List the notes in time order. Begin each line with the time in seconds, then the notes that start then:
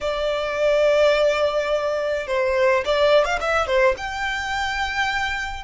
0.01 D5
2.27 C5
2.85 D5
3.24 F5
3.40 E5
3.66 C5
3.97 G5